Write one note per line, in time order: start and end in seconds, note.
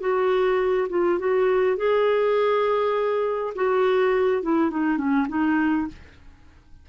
0.00 0.88 F#4
0.89 1.19 F4
1.19 1.77 F#4
1.77 3.53 G#4
3.55 4.43 F#4
4.43 4.70 E4
4.70 4.98 D#4
4.98 5.27 C#4
5.29 5.87 D#4